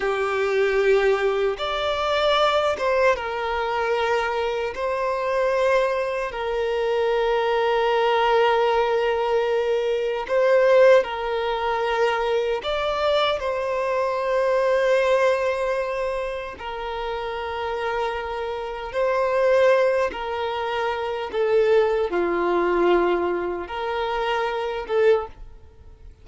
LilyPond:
\new Staff \with { instrumentName = "violin" } { \time 4/4 \tempo 4 = 76 g'2 d''4. c''8 | ais'2 c''2 | ais'1~ | ais'4 c''4 ais'2 |
d''4 c''2.~ | c''4 ais'2. | c''4. ais'4. a'4 | f'2 ais'4. a'8 | }